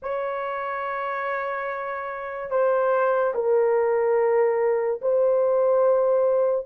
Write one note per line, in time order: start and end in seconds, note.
0.02 2.50 C#5
2.50 3.33 C5
3.34 5.00 A#4
5.01 6.66 C5